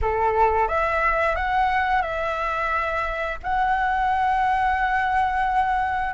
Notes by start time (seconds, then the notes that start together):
0.01 A4
0.68 E5
1.35 F#5
2.02 E5
3.43 F#5